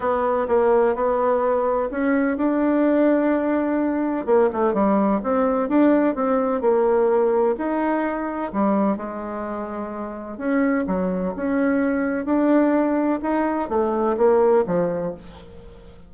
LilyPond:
\new Staff \with { instrumentName = "bassoon" } { \time 4/4 \tempo 4 = 127 b4 ais4 b2 | cis'4 d'2.~ | d'4 ais8 a8 g4 c'4 | d'4 c'4 ais2 |
dis'2 g4 gis4~ | gis2 cis'4 fis4 | cis'2 d'2 | dis'4 a4 ais4 f4 | }